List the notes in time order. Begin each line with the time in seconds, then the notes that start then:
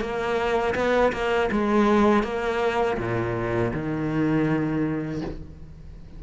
0.00 A#3
0.74 B3
1.12 A#3
1.51 G#3
2.23 A#3
2.98 A#2
3.73 D#3